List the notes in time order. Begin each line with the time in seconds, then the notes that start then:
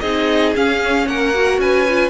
0.00 C4 D#4 G#4 D#5
0.55 C#4 F5
1.06 A#3 A#4 F#5
1.33 F#4
1.58 C#4 B4 G#5
1.88 F4